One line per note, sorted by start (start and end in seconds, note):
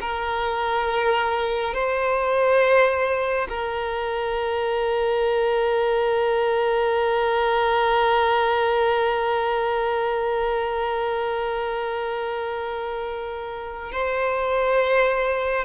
0.00 1.74 A#4
1.74 3.47 C5
3.49 13.91 A#4
13.91 15.64 C5